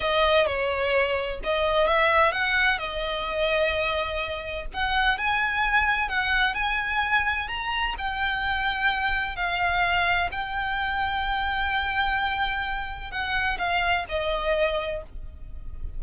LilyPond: \new Staff \with { instrumentName = "violin" } { \time 4/4 \tempo 4 = 128 dis''4 cis''2 dis''4 | e''4 fis''4 dis''2~ | dis''2 fis''4 gis''4~ | gis''4 fis''4 gis''2 |
ais''4 g''2. | f''2 g''2~ | g''1 | fis''4 f''4 dis''2 | }